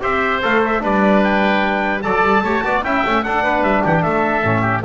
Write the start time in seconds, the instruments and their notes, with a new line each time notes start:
0.00 double bass C4, trombone G4, oboe C5, trumpet E5
0.42 double bass A3, trombone A4, trumpet F5
0.65 trumpet E5
0.80 double bass G3, trombone D4, oboe B4, trumpet D5
1.24 trumpet G5
2.02 double bass F#3, trombone A4, oboe D5, trumpet A5
2.22 double bass G3
2.43 double bass A3, trombone G4, oboe C#5
2.63 double bass B3, trombone F#4, oboe D5
2.83 double bass C#4, trombone E4, oboe E5, trumpet G5
3.06 double bass A3, trombone C#4
3.23 trombone D4, double bass D4, oboe A4, trumpet F#5
3.42 double bass B3, oboe B4
3.62 double bass G3, trumpet E5
3.84 double bass E3, oboe G4, trumpet F#5
3.98 oboe A4, trumpet E5 G5
4.05 double bass A3
4.43 double bass A2, trombone C#4
4.61 oboe G4